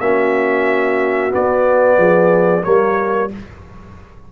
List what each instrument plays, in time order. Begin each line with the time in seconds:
0.00 tuba A#3, trombone C#4, horn F#4, trumpet E5
1.30 trombone B3, tuba B3, trumpet D5
1.98 tuba F3, horn G#4
2.63 tuba G3, trombone A#3, horn A#4, trumpet C#5